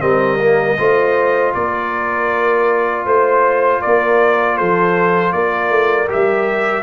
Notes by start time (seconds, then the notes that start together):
0.00 G3 C4 A#4 D#5
0.39 A#3
0.78 A3 F4 C5
1.54 A#3 A#4 D5
3.05 A3 C5
3.81 A#3 A#4 D5
4.57 F3 A4 C5
5.32 A#3 A#4 D5
5.70 A3
6.08 G3 G4 E5